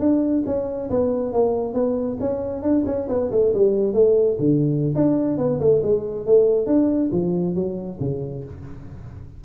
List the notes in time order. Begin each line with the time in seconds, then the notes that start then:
0.00 D4
0.46 C#4
0.90 B3
1.33 A#3
1.74 B3
2.20 C#4
2.63 D4
2.86 C#4
3.09 B3
3.31 A3
3.54 G3
3.94 A3
4.40 D3
4.95 D4
5.38 B3
5.60 A3
5.83 G#3
6.26 A3
6.66 D4
7.12 F3
7.55 F#3
8.00 C#3